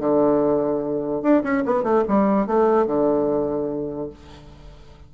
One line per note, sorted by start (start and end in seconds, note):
0.00 1.23 D3
1.23 1.43 D4
1.44 1.64 C#4
1.66 1.84 B3
1.84 2.04 A3
2.08 2.47 G3
2.47 2.87 A3
2.87 4.10 D3